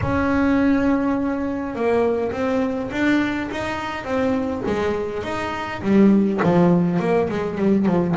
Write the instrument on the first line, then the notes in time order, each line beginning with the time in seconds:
double bass
0.01 C#4
1.75 A#3
2.31 C4
2.91 D4
3.51 D#4
4.04 C4
4.66 G#3
5.23 D#4
5.82 G3
6.43 F3
6.99 A#3
7.29 G#3
7.58 G3
7.86 F3